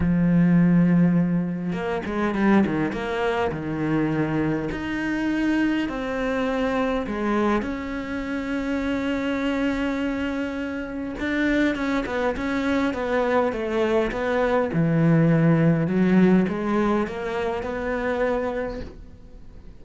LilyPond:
\new Staff \with { instrumentName = "cello" } { \time 4/4 \tempo 4 = 102 f2. ais8 gis8 | g8 dis8 ais4 dis2 | dis'2 c'2 | gis4 cis'2.~ |
cis'2. d'4 | cis'8 b8 cis'4 b4 a4 | b4 e2 fis4 | gis4 ais4 b2 | }